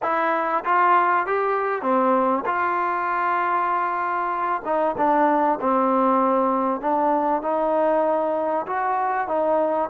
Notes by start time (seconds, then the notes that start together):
0.02 E4
0.64 F4
1.26 G4
1.82 C4
2.45 F4
4.64 D#4
4.97 D4
5.61 C4
6.80 D4
7.42 D#4
8.66 F#4
9.27 D#4